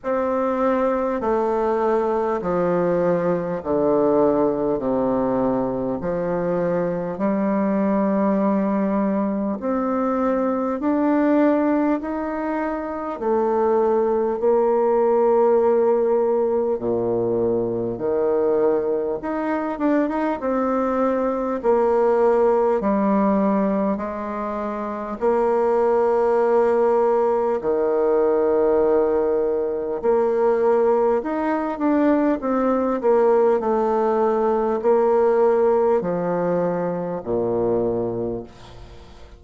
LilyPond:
\new Staff \with { instrumentName = "bassoon" } { \time 4/4 \tempo 4 = 50 c'4 a4 f4 d4 | c4 f4 g2 | c'4 d'4 dis'4 a4 | ais2 ais,4 dis4 |
dis'8 d'16 dis'16 c'4 ais4 g4 | gis4 ais2 dis4~ | dis4 ais4 dis'8 d'8 c'8 ais8 | a4 ais4 f4 ais,4 | }